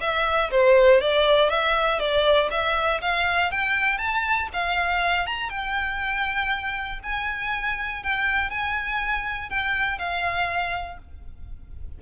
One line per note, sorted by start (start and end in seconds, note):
0.00 0.50 E5
0.50 1.00 C5
1.00 1.49 D5
1.49 1.99 E5
1.99 2.49 D5
2.50 3.00 E5
3.01 3.51 F5
3.51 3.97 G5
3.97 4.47 A5
4.53 5.26 F5
5.26 5.49 A#5
5.49 6.99 G5
7.03 8.03 G#5
8.03 8.50 G5
8.50 9.49 G#5
9.49 9.98 G5
9.98 10.98 F5